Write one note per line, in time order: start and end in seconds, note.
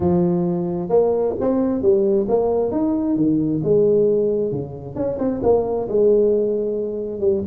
0.00 0.89 F3
0.89 1.34 A#3
1.40 1.81 C4
1.81 2.27 G3
2.28 2.71 A#3
2.71 3.16 D#4
3.16 3.61 D#3
3.63 4.51 G#3
4.51 4.95 C#3
4.95 5.18 C#4
5.18 5.41 C4
5.43 5.88 A#3
5.88 7.20 G#3
7.20 7.43 G3